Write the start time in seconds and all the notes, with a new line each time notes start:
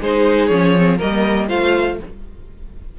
0.00 G#3 D#4 G#4 C5
0.47 F3 C#4 C#5
0.77 C4
0.98 G3 A#3 A#4 D#5
1.48 A3 F4 C5 F5